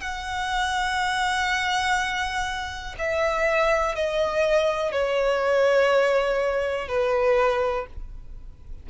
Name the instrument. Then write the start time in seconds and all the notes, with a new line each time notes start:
violin
0.00 F#5
2.98 E5
3.95 D#5
4.92 C#5
6.88 B4